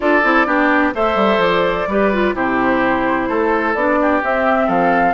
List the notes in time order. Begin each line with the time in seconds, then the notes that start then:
0.00 D4 F4 A4 D5
0.23 C4 E4
0.46 B3 D4 G4
0.94 A3 A4 C5 E5
1.15 G3
1.38 F3 D5
1.87 G3 G4 B4
2.13 F4
2.34 C3 E4 G4 C5
3.28 A3 A4
3.74 B3 D4 D5
4.01 G4
4.22 C4 E5
4.66 F3 A4 F5